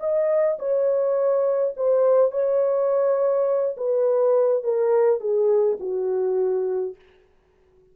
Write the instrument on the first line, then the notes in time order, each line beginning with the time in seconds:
horn
0.00 D#5
0.59 C#5
1.77 C5
2.32 C#5
3.77 B4
4.64 A#4
5.21 G#4
5.80 F#4